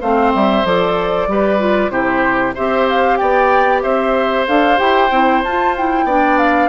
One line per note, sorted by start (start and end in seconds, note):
0.00 0.34 A3
0.00 0.65 C4
0.00 1.28 C5
0.00 0.33 F5
0.34 0.64 G3
0.34 0.66 E5
0.64 1.27 F3
0.64 1.29 A4
0.64 1.90 D5
1.27 1.90 G3
1.27 1.59 G4
1.27 1.91 B4
1.59 1.90 F4
1.90 2.54 C3
1.90 2.54 E4
1.90 2.54 G4
1.90 2.54 C5
2.54 3.21 C4
2.54 4.47 G4
2.54 3.18 C5
2.54 2.88 E5
2.89 3.17 F5
3.17 3.84 B3
3.17 3.82 D5
3.17 3.81 G5
3.82 4.47 C4
3.82 6.05 C5
3.82 4.46 E5
4.47 4.79 D4
4.47 4.77 A4
4.47 4.78 F5
4.77 5.11 E4
4.77 5.09 G4
4.77 5.42 G5
5.11 5.42 C4
5.11 5.43 E4
5.44 6.04 F4
5.44 5.77 F4
5.44 5.76 A5
5.77 6.08 E4
5.77 6.38 G5
6.04 6.68 B3
6.04 6.69 D4
6.04 6.69 D5
6.38 6.69 F5